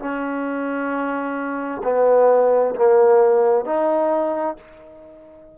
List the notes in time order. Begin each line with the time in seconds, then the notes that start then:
0.00 C#4
1.84 B3
2.76 A#3
3.66 D#4